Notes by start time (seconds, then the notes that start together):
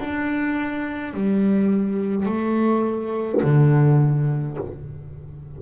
0.00 D4
1.14 G3
2.26 A3
3.42 D3